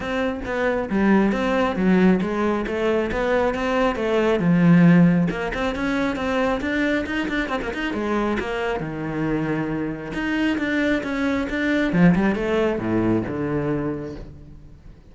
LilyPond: \new Staff \with { instrumentName = "cello" } { \time 4/4 \tempo 4 = 136 c'4 b4 g4 c'4 | fis4 gis4 a4 b4 | c'4 a4 f2 | ais8 c'8 cis'4 c'4 d'4 |
dis'8 d'8 c'16 ais16 dis'8 gis4 ais4 | dis2. dis'4 | d'4 cis'4 d'4 f8 g8 | a4 a,4 d2 | }